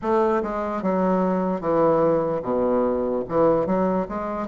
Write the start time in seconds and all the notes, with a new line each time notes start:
0.01 A3
0.42 G#3
0.82 F#3
1.60 E3
2.42 B2
3.28 E3
3.66 F#3
4.08 G#3